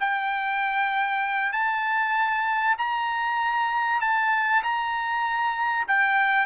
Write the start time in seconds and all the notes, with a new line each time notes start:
0.00 G5
1.52 A5
2.78 A#5
4.01 A5
4.63 A#5
5.88 G5